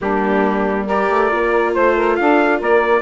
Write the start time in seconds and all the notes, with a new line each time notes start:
0.01 G3 A#3 D4 G4
0.86 G4 A#4 D5
1.09 A3
1.29 A#3 F4
1.74 A3 C5
1.96 A#4
2.16 D4 A4 F5
2.59 A#3 A#4 D5